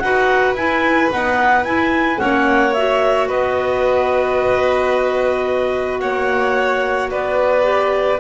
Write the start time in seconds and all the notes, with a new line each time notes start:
0.00 D#4 F#4 B4 F#5
0.54 E4 G#5
1.12 B3 D#4 F#5
1.65 E4 G#5
2.17 A#3 C#4 C#5 F#5
2.74 F#4 E5
3.28 B3 B4 D#5
6.00 A#3 C#5 F#5
7.11 B3 B4 D5
7.64 G4